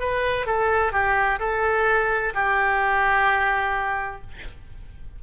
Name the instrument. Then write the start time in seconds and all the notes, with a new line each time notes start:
oboe
0.00 B4
0.46 A4
0.92 G4
1.40 A4
2.34 G4